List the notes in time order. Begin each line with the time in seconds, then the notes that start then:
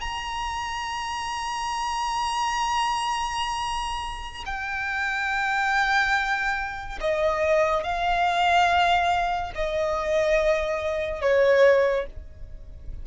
0.00 A#5
4.45 G5
7.00 D#5
7.83 F5
9.55 D#5
11.21 C#5